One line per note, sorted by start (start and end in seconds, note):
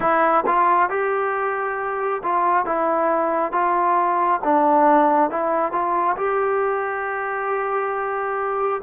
0.00 0.44 E4
0.46 0.89 F4
0.89 2.21 G4
2.23 2.65 F4
2.65 3.52 E4
3.52 4.40 F4
4.44 5.30 D4
5.30 5.72 E4
5.72 6.16 F4
6.16 8.81 G4